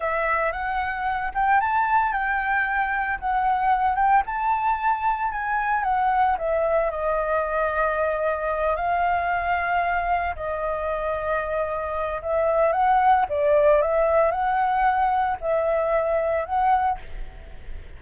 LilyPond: \new Staff \with { instrumentName = "flute" } { \time 4/4 \tempo 4 = 113 e''4 fis''4. g''8 a''4 | g''2 fis''4. g''8 | a''2 gis''4 fis''4 | e''4 dis''2.~ |
dis''8 f''2. dis''8~ | dis''2. e''4 | fis''4 d''4 e''4 fis''4~ | fis''4 e''2 fis''4 | }